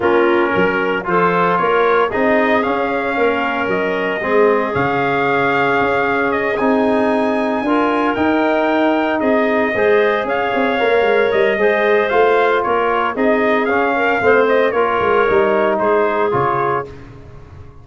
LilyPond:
<<
  \new Staff \with { instrumentName = "trumpet" } { \time 4/4 \tempo 4 = 114 ais'2 c''4 cis''4 | dis''4 f''2 dis''4~ | dis''4 f''2. | dis''8 gis''2. g''8~ |
g''4. dis''2 f''8~ | f''4. dis''4. f''4 | cis''4 dis''4 f''4. dis''8 | cis''2 c''4 cis''4 | }
  \new Staff \with { instrumentName = "clarinet" } { \time 4/4 f'4 ais'4 a'4 ais'4 | gis'2 ais'2 | gis'1~ | gis'2~ gis'8 ais'4.~ |
ais'4. gis'4 c''4 cis''8~ | cis''2 c''2 | ais'4 gis'4. ais'8 c''4 | ais'2 gis'2 | }
  \new Staff \with { instrumentName = "trombone" } { \time 4/4 cis'2 f'2 | dis'4 cis'2. | c'4 cis'2.~ | cis'8 dis'2 f'4 dis'8~ |
dis'2~ dis'8 gis'4.~ | gis'8 ais'4. gis'4 f'4~ | f'4 dis'4 cis'4 c'4 | f'4 dis'2 f'4 | }
  \new Staff \with { instrumentName = "tuba" } { \time 4/4 ais4 fis4 f4 ais4 | c'4 cis'4 ais4 fis4 | gis4 cis2 cis'4~ | cis'8 c'2 d'4 dis'8~ |
dis'4. c'4 gis4 cis'8 | c'8 ais8 gis8 g8 gis4 a4 | ais4 c'4 cis'4 a4 | ais8 gis8 g4 gis4 cis4 | }
>>